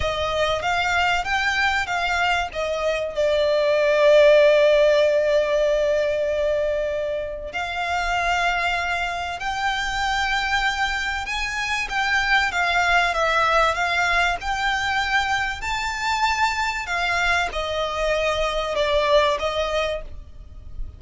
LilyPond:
\new Staff \with { instrumentName = "violin" } { \time 4/4 \tempo 4 = 96 dis''4 f''4 g''4 f''4 | dis''4 d''2.~ | d''1 | f''2. g''4~ |
g''2 gis''4 g''4 | f''4 e''4 f''4 g''4~ | g''4 a''2 f''4 | dis''2 d''4 dis''4 | }